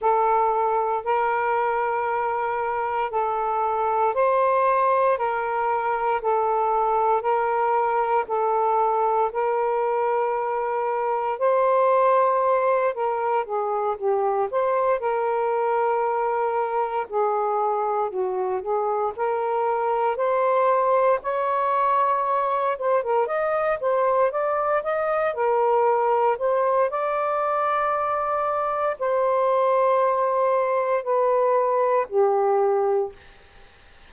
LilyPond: \new Staff \with { instrumentName = "saxophone" } { \time 4/4 \tempo 4 = 58 a'4 ais'2 a'4 | c''4 ais'4 a'4 ais'4 | a'4 ais'2 c''4~ | c''8 ais'8 gis'8 g'8 c''8 ais'4.~ |
ais'8 gis'4 fis'8 gis'8 ais'4 c''8~ | c''8 cis''4. c''16 ais'16 dis''8 c''8 d''8 | dis''8 ais'4 c''8 d''2 | c''2 b'4 g'4 | }